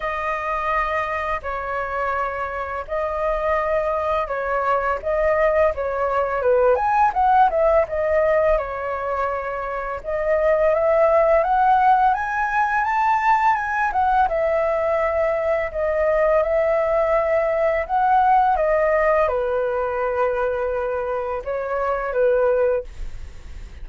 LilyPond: \new Staff \with { instrumentName = "flute" } { \time 4/4 \tempo 4 = 84 dis''2 cis''2 | dis''2 cis''4 dis''4 | cis''4 b'8 gis''8 fis''8 e''8 dis''4 | cis''2 dis''4 e''4 |
fis''4 gis''4 a''4 gis''8 fis''8 | e''2 dis''4 e''4~ | e''4 fis''4 dis''4 b'4~ | b'2 cis''4 b'4 | }